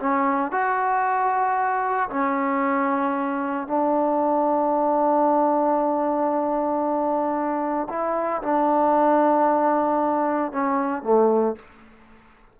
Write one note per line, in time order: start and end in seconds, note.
0.00 0.52 C#4
0.52 2.10 F#4
2.10 3.67 C#4
3.67 7.89 D4
7.89 8.42 E4
8.43 10.52 D4
10.52 11.03 C#4
11.03 11.56 A3